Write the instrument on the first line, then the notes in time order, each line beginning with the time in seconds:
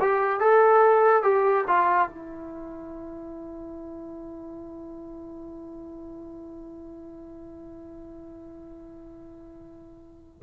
trombone
0.00 G4
0.40 A4
1.23 G4
1.67 F4
2.08 E4